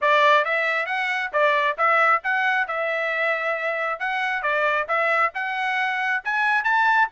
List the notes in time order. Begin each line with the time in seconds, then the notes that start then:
0.01 D5
0.44 E5
0.86 F#5
1.33 D5
1.77 E5
2.23 F#5
2.67 E5
3.99 F#5
4.42 D5
4.88 E5
5.34 F#5
6.24 G#5
6.64 A5